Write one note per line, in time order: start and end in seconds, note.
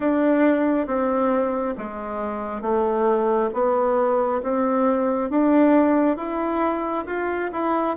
0.00 0.86 D4
0.86 1.74 C4
1.77 2.61 G#3
2.61 3.50 A3
3.53 4.41 B3
4.42 5.29 C4
5.29 6.16 D4
6.16 7.05 E4
7.06 7.50 F4
7.52 7.96 E4